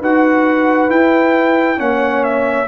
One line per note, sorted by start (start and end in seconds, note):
0.00 0.90 D#4
0.00 0.89 F#4
0.00 1.79 B4
0.00 0.90 F#5
0.89 1.77 E4
0.89 1.79 E4
0.89 1.80 G5
1.77 2.68 A#3
1.77 2.66 C#4
1.77 2.68 C#5
1.77 2.24 F#5
2.24 2.68 E5